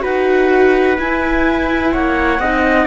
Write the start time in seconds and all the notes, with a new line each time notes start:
0.00 D#4 F#4 B4 F#5
0.98 E4 G#5
1.93 A#3 C#5 F#5
2.40 C4 D#4 D#5